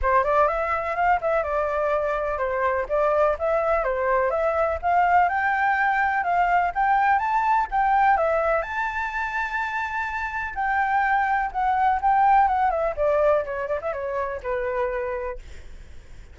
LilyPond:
\new Staff \with { instrumentName = "flute" } { \time 4/4 \tempo 4 = 125 c''8 d''8 e''4 f''8 e''8 d''4~ | d''4 c''4 d''4 e''4 | c''4 e''4 f''4 g''4~ | g''4 f''4 g''4 a''4 |
g''4 e''4 a''2~ | a''2 g''2 | fis''4 g''4 fis''8 e''8 d''4 | cis''8 d''16 e''16 cis''4 b'2 | }